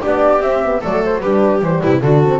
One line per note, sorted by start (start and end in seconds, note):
0.00 0.40 B3
0.00 0.41 D4
0.00 0.80 G4
0.00 0.42 D5
0.40 0.80 C4
0.40 0.64 C4
0.40 0.82 E5
0.64 0.81 B3
0.81 1.24 F#3
0.81 1.21 A3
0.81 1.21 A4
0.81 1.04 D5
1.05 1.20 C5
1.20 1.62 G3
1.20 1.61 D4
1.20 1.82 G4
1.20 1.60 B4
1.61 1.82 E3
1.61 2.01 G3
1.61 1.81 C5
1.81 2.01 C3
1.81 2.03 E4
1.81 2.01 B4
2.01 2.39 D3
2.01 2.23 D4
2.01 2.39 F#4
2.01 2.39 A4
2.23 2.39 C4